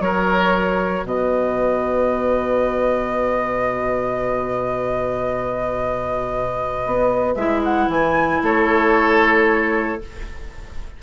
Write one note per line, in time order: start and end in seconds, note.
0.00 1.04 F#3
0.00 7.37 F#4
0.00 1.07 A#4
0.00 1.06 C#5
1.04 6.83 B2
1.04 8.44 B4
1.04 7.35 D#5
6.86 7.36 B3
7.35 7.88 G#3
7.35 10.02 E4
7.35 7.62 E5
7.64 7.90 F#5
7.88 8.41 E3
7.88 8.44 G#5
8.43 10.01 A3
8.43 10.02 A4
8.43 10.03 C#5